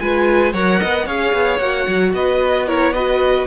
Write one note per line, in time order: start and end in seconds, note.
0.00 0.54 G#3
0.00 0.55 F4
0.00 0.53 B4
0.00 0.54 G#5
0.53 0.81 F#3
0.53 1.07 A#4
0.53 0.80 C#5
0.53 1.07 F#5
0.80 1.07 B3
0.80 1.06 D#5
1.06 1.33 C#4
1.06 1.61 G#4
1.06 2.13 C#5
1.06 1.59 F5
1.34 1.60 B3
1.59 1.87 A#3
1.59 2.68 F#4
1.59 2.12 F#5
1.88 2.13 F#3
2.13 3.47 B3
2.13 2.67 B4
2.13 2.68 D#5
2.67 2.95 E4
2.67 2.94 A#4
2.67 2.94 C#5
2.94 3.48 F#4
2.94 3.48 B4
2.94 3.47 D#5